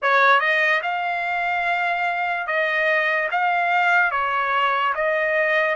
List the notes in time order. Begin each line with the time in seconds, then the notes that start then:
0.02 C#5
0.40 D#5
0.82 F5
2.46 D#5
3.31 F5
4.11 C#5
4.94 D#5